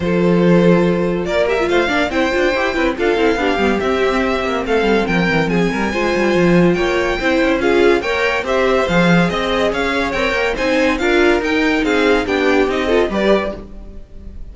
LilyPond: <<
  \new Staff \with { instrumentName = "violin" } { \time 4/4 \tempo 4 = 142 c''2. d''8 e''8 | f''4 g''2 f''4~ | f''4 e''2 f''4 | g''4 gis''2. |
g''2 f''4 g''4 | e''4 f''4 dis''4 f''4 | g''4 gis''4 f''4 g''4 | f''4 g''4 dis''4 d''4 | }
  \new Staff \with { instrumentName = "violin" } { \time 4/4 a'2. ais'4 | c''8 d''8 c''4. b'8 a'4 | g'2. a'4 | ais'4 gis'8 ais'8 c''2 |
cis''4 c''4 gis'4 cis''4 | c''2 dis''4 cis''4~ | cis''4 c''4 ais'2 | gis'4 g'4. a'8 b'4 | }
  \new Staff \with { instrumentName = "viola" } { \time 4/4 f'2.~ f'8 g'16 f'16~ | f'8 d'8 e'8 f'8 g'8 e'8 f'8 e'8 | d'8 b8 c'2.~ | c'2 f'2~ |
f'4 e'4 f'4 ais'4 | g'4 gis'2. | ais'4 dis'4 f'4 dis'4~ | dis'4 d'4 dis'8 f'8 g'4 | }
  \new Staff \with { instrumentName = "cello" } { \time 4/4 f2. ais4 | a8 ais8 c'8 d'8 e'8 c'8 d'8 c'8 | b8 g8 c'4. ais8 a8 g8 | f8 e8 f8 g8 gis8 g8 f4 |
ais4 c'8 cis'4. ais4 | c'4 f4 c'4 cis'4 | c'8 ais8 c'4 d'4 dis'4 | c'4 b4 c'4 g4 | }
>>